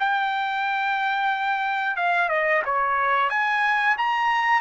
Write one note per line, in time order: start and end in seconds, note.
0.00 1.97 G5
1.97 2.29 F5
2.29 2.63 D#5
2.66 3.30 C#5
3.30 3.97 G#5
3.98 4.62 A#5